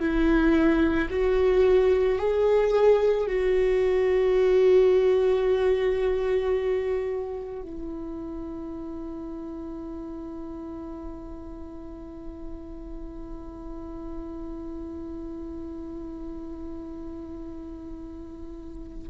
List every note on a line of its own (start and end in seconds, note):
0.00 1.09 E4
1.10 2.19 F#4
2.19 3.28 G#4
3.28 7.63 F#4
7.63 19.08 E4